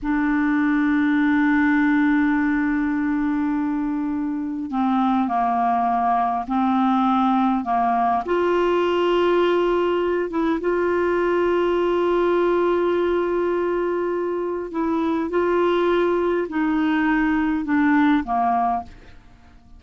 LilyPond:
\new Staff \with { instrumentName = "clarinet" } { \time 4/4 \tempo 4 = 102 d'1~ | d'1 | c'4 ais2 c'4~ | c'4 ais4 f'2~ |
f'4. e'8 f'2~ | f'1~ | f'4 e'4 f'2 | dis'2 d'4 ais4 | }